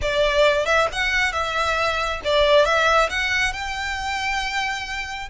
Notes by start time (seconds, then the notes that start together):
0.01 D5
0.65 E5
0.92 F#5
1.32 E5
2.24 D5
2.65 E5
3.09 F#5
3.52 G5